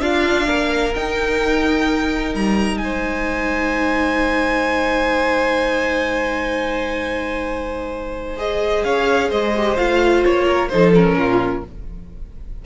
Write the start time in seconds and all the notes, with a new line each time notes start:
0.00 D4 F4 F5
0.47 A#3 A#4
0.94 D#4 G5
2.34 G3 A#5
2.78 G#3 C5 G#5
8.37 G#4 D#5
8.84 C#4 C#5 F5
9.29 G#3 C5 D#5
9.56 G4
9.77 A3 F4 F5
10.25 A#3 C#5
10.46 A#4
10.69 F3 D#4 A4 C5
10.94 C#4 A#4
11.16 A#2 F4